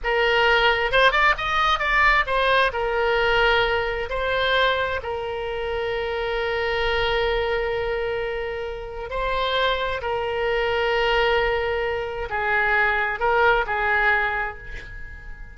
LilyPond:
\new Staff \with { instrumentName = "oboe" } { \time 4/4 \tempo 4 = 132 ais'2 c''8 d''8 dis''4 | d''4 c''4 ais'2~ | ais'4 c''2 ais'4~ | ais'1~ |
ais'1 | c''2 ais'2~ | ais'2. gis'4~ | gis'4 ais'4 gis'2 | }